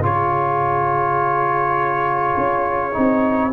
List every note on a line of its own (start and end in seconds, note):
0.00 2.35 C#3
0.00 2.92 F4
0.00 3.53 G#4
0.00 3.53 C#5
2.37 2.95 C#4
2.92 3.53 C4
2.92 3.51 D#4